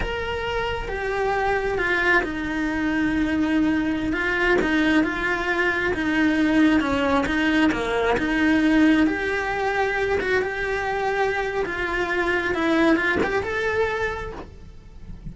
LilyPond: \new Staff \with { instrumentName = "cello" } { \time 4/4 \tempo 4 = 134 ais'2 g'2 | f'4 dis'2.~ | dis'4~ dis'16 f'4 dis'4 f'8.~ | f'4~ f'16 dis'2 cis'8.~ |
cis'16 dis'4 ais4 dis'4.~ dis'16~ | dis'16 g'2~ g'8 fis'8 g'8.~ | g'2 f'2 | e'4 f'8 g'8 a'2 | }